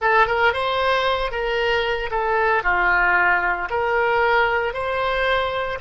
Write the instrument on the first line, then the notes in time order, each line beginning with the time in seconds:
oboe
0.01 A4
0.26 A#4
0.53 C5
1.31 A#4
2.11 A4
2.63 F4
3.70 A#4
4.73 C5